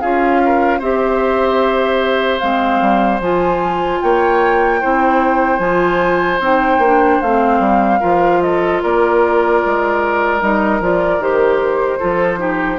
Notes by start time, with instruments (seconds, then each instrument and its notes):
0.00 bassoon C#4, clarinet F4, oboe G#4, flute F5
0.45 oboe A#4
0.79 bassoon C4, clarinet G4, oboe C5, flute E5
2.39 bassoon G#3, clarinet C4, flute F5
2.81 bassoon G3
3.20 bassoon F3, clarinet F4, flute G#5
4.01 bassoon A#3, oboe C#5, flute G5
4.80 bassoon C4, clarinet E4, oboe C5
5.58 bassoon F3, clarinet F4, flute G#5
6.39 bassoon C4, clarinet D#4, flute G5
6.78 bassoon A#3
6.84 clarinet D4
7.21 bassoon A3, clarinet C4, flute F5
7.59 bassoon G3
7.99 bassoon F3, clarinet F4, oboe A#4
8.41 oboe A4, flute D#5
8.82 bassoon A#3, oboe A#4, flute D5
9.65 bassoon G#3
10.40 bassoon G3, clarinet D#4, flute D#5
10.80 bassoon F3, clarinet F4, flute D5
11.18 bassoon D#3, clarinet G4, flute C5
11.99 bassoon F3, clarinet F4, oboe A4
12.37 clarinet D#4, oboe G4